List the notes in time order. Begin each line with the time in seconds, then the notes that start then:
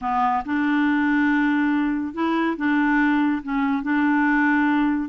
0.01 B3
0.45 D4
2.14 E4
2.56 D4
3.43 C#4
3.82 D4